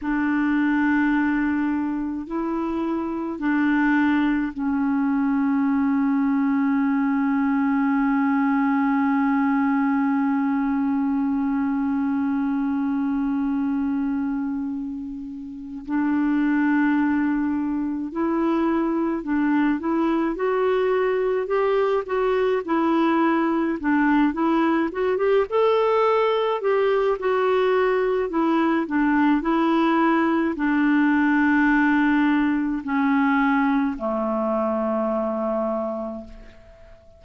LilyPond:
\new Staff \with { instrumentName = "clarinet" } { \time 4/4 \tempo 4 = 53 d'2 e'4 d'4 | cis'1~ | cis'1~ | cis'2 d'2 |
e'4 d'8 e'8 fis'4 g'8 fis'8 | e'4 d'8 e'8 fis'16 g'16 a'4 g'8 | fis'4 e'8 d'8 e'4 d'4~ | d'4 cis'4 a2 | }